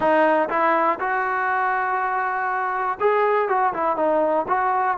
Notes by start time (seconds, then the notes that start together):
0.00 D#4
0.49 E4
1.00 F#4
3.00 G#4
3.48 F#4
3.73 E4
3.96 D#4
4.48 F#4